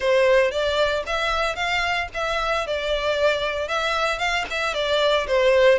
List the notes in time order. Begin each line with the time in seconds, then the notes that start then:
0.00 C5
0.51 D5
1.06 E5
1.55 F5
2.14 E5
2.66 D5
3.68 E5
4.18 F5
4.50 E5
4.74 D5
5.27 C5